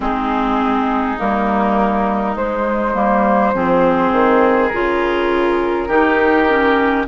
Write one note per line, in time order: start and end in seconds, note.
0.00 1.16 G#3
0.00 1.17 C4
0.00 3.54 D#4
0.00 1.18 G#4
1.17 2.35 G3
1.17 2.35 A#3
1.17 2.36 A#4
2.35 2.94 G#3
2.35 4.68 C5
2.94 3.53 G3
2.94 3.53 A#3
3.53 4.12 F3
3.53 4.71 C4
3.53 5.88 G#4
4.12 4.70 D#3
4.68 5.88 C#3
4.68 5.88 F4
4.68 7.03 A#4
5.88 7.06 D#3
5.88 6.47 D#4
5.88 7.05 G4
6.49 7.07 C#4